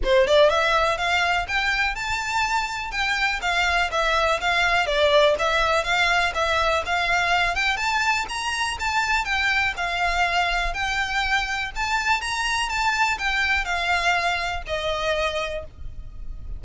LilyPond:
\new Staff \with { instrumentName = "violin" } { \time 4/4 \tempo 4 = 123 c''8 d''8 e''4 f''4 g''4 | a''2 g''4 f''4 | e''4 f''4 d''4 e''4 | f''4 e''4 f''4. g''8 |
a''4 ais''4 a''4 g''4 | f''2 g''2 | a''4 ais''4 a''4 g''4 | f''2 dis''2 | }